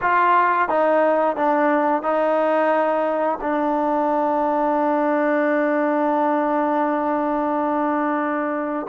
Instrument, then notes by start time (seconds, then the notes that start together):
trombone
0.01 F4
0.68 D#4
1.36 D4
2.02 D#4
3.41 D4